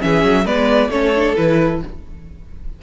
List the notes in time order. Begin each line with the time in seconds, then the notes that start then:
0.00 E3 C#4 G#4 E5
0.24 F#3
0.45 G#3 B3 B4 D5
0.88 A3 C#4 A4 C#5
1.14 D4
1.36 E3 E4 B4